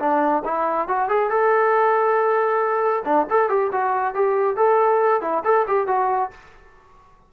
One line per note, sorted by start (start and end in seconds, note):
0.00 0.43 D4
0.45 0.89 E4
0.89 1.09 F#4
1.09 1.30 G#4
1.30 3.04 A4
3.05 3.27 D4
3.30 3.50 A4
3.50 3.71 G4
3.72 4.15 F#4
4.15 4.57 G4
4.57 5.22 A4
5.22 5.44 E4
5.45 5.66 A4
5.68 5.88 G4
5.88 6.31 F#4